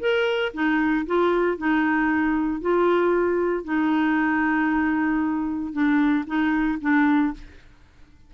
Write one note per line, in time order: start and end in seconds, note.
0.00 0.52 A#4
0.53 1.06 D#4
1.06 1.57 F4
1.57 2.61 D#4
2.61 3.64 F4
3.64 5.72 D#4
5.72 6.25 D4
6.27 6.79 D#4
6.81 7.33 D4